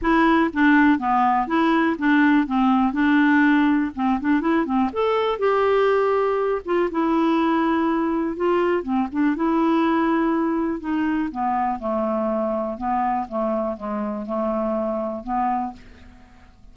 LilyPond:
\new Staff \with { instrumentName = "clarinet" } { \time 4/4 \tempo 4 = 122 e'4 d'4 b4 e'4 | d'4 c'4 d'2 | c'8 d'8 e'8 c'8 a'4 g'4~ | g'4. f'8 e'2~ |
e'4 f'4 c'8 d'8 e'4~ | e'2 dis'4 b4 | a2 b4 a4 | gis4 a2 b4 | }